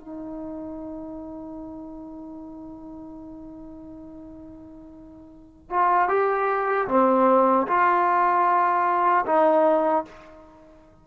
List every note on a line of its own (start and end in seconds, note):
0.00 5.71 D#4
5.71 6.09 F4
6.09 6.88 G4
6.88 7.67 C4
7.68 9.25 F4
9.26 10.05 D#4